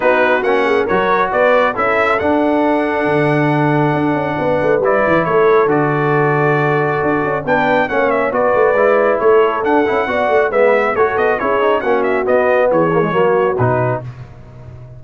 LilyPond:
<<
  \new Staff \with { instrumentName = "trumpet" } { \time 4/4 \tempo 4 = 137 b'4 fis''4 cis''4 d''4 | e''4 fis''2.~ | fis''2. d''4 | cis''4 d''2.~ |
d''4 g''4 fis''8 e''8 d''4~ | d''4 cis''4 fis''2 | e''4 cis''8 dis''8 cis''4 fis''8 e''8 | dis''4 cis''2 b'4 | }
  \new Staff \with { instrumentName = "horn" } { \time 4/4 fis'4. gis'8 ais'4 b'4 | a'1~ | a'2 b'2 | a'1~ |
a'4 b'4 cis''4 b'4~ | b'4 a'2 d''4 | b'4 a'4 gis'4 fis'4~ | fis'4 gis'4 fis'2 | }
  \new Staff \with { instrumentName = "trombone" } { \time 4/4 dis'4 cis'4 fis'2 | e'4 d'2.~ | d'2. e'4~ | e'4 fis'2.~ |
fis'4 d'4 cis'4 fis'4 | e'2 d'8 e'8 fis'4 | b4 fis'4 e'8 dis'8 cis'4 | b4. ais16 gis16 ais4 dis'4 | }
  \new Staff \with { instrumentName = "tuba" } { \time 4/4 b4 ais4 fis4 b4 | cis'4 d'2 d4~ | d4 d'8 cis'8 b8 a8 g8 e8 | a4 d2. |
d'8 cis'8 b4 ais4 b8 a8 | gis4 a4 d'8 cis'8 b8 a8 | gis4 a8 b8 cis'4 ais4 | b4 e4 fis4 b,4 | }
>>